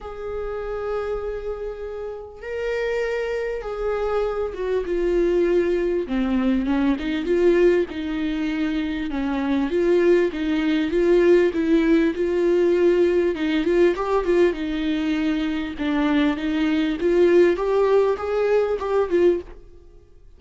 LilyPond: \new Staff \with { instrumentName = "viola" } { \time 4/4 \tempo 4 = 99 gis'1 | ais'2 gis'4. fis'8 | f'2 c'4 cis'8 dis'8 | f'4 dis'2 cis'4 |
f'4 dis'4 f'4 e'4 | f'2 dis'8 f'8 g'8 f'8 | dis'2 d'4 dis'4 | f'4 g'4 gis'4 g'8 f'8 | }